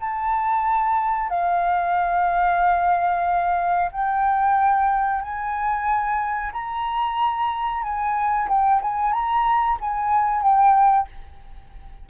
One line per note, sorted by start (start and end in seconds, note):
0.00 1.29 A5
1.29 3.90 F5
3.92 5.22 G5
5.22 6.52 G#5
6.53 7.83 A#5
7.83 8.48 G#5
8.48 8.81 G5
8.82 9.13 G#5
9.13 9.78 A#5
9.81 10.42 G#5
10.42 11.07 G5